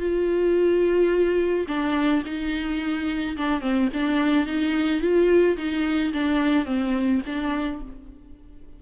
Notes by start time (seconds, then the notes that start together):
0.00 F4
1.68 D4
2.26 D#4
3.38 D4
3.61 C4
3.94 D4
4.47 D#4
5.02 F4
5.58 D#4
6.14 D4
6.66 C4
7.27 D4